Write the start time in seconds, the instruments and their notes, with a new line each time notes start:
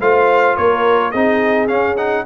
0.00 tuba A3, trombone F4, horn C5, trumpet F5
0.56 tuba A#3, horn A#4, trumpet C#5
1.11 tuba C4, trombone D#4, horn G#4, trumpet D#5
1.68 trombone C#4, tuba C#4, trumpet F5
1.96 trombone D#4, trumpet F#5